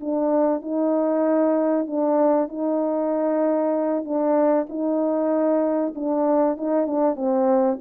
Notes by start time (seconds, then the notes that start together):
0.00 D4
0.62 D#4
1.86 D4
2.48 D#4
4.04 D4
4.69 D#4
5.95 D4
6.57 D#4
6.86 D4
7.15 C4